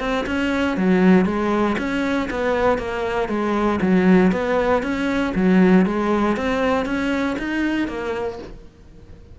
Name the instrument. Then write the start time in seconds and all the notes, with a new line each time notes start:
cello
0.00 C4
0.26 C#4
0.77 F#3
1.26 G#3
1.78 C#4
2.30 B3
2.78 A#3
3.28 G#3
3.82 F#3
4.32 B3
4.83 C#4
5.35 F#3
5.86 G#3
6.37 C4
6.85 C#4
7.38 D#4
7.88 A#3